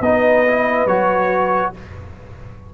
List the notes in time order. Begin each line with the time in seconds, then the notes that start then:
0.00 B3 D#4 B4 D#5
0.47 E4
0.86 F#3 F#4 C#5